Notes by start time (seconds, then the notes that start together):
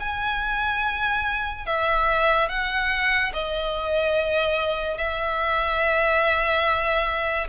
0.00 G#5
1.66 E5
2.49 F#5
3.33 D#5
4.98 E5